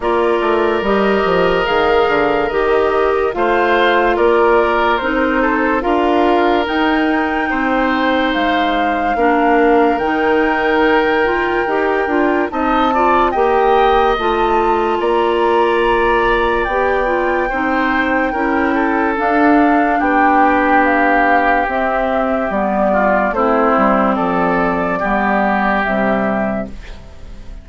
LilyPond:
<<
  \new Staff \with { instrumentName = "flute" } { \time 4/4 \tempo 4 = 72 d''4 dis''4 f''4 dis''4 | f''4 d''4 c''4 f''4 | g''2 f''2 | g''2. a''4 |
g''4 a''4 ais''2 | g''2. f''4 | g''4 f''4 e''4 d''4 | c''4 d''2 e''4 | }
  \new Staff \with { instrumentName = "oboe" } { \time 4/4 ais'1 | c''4 ais'4. a'8 ais'4~ | ais'4 c''2 ais'4~ | ais'2. dis''8 d''8 |
dis''2 d''2~ | d''4 c''4 ais'8 a'4. | g'2.~ g'8 f'8 | e'4 a'4 g'2 | }
  \new Staff \with { instrumentName = "clarinet" } { \time 4/4 f'4 g'4 gis'4 g'4 | f'2 dis'4 f'4 | dis'2. d'4 | dis'4. f'8 g'8 f'8 dis'8 f'8 |
g'4 f'2. | g'8 f'8 dis'4 e'4 d'4~ | d'2 c'4 b4 | c'2 b4 g4 | }
  \new Staff \with { instrumentName = "bassoon" } { \time 4/4 ais8 a8 g8 f8 dis8 d8 dis4 | a4 ais4 c'4 d'4 | dis'4 c'4 gis4 ais4 | dis2 dis'8 d'8 c'4 |
ais4 a4 ais2 | b4 c'4 cis'4 d'4 | b2 c'4 g4 | a8 g8 f4 g4 c4 | }
>>